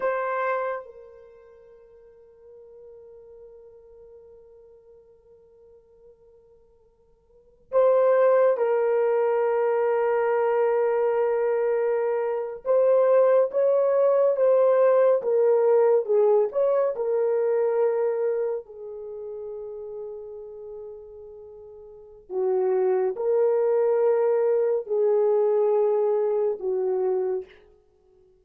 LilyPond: \new Staff \with { instrumentName = "horn" } { \time 4/4 \tempo 4 = 70 c''4 ais'2.~ | ais'1~ | ais'4 c''4 ais'2~ | ais'2~ ais'8. c''4 cis''16~ |
cis''8. c''4 ais'4 gis'8 cis''8 ais'16~ | ais'4.~ ais'16 gis'2~ gis'16~ | gis'2 fis'4 ais'4~ | ais'4 gis'2 fis'4 | }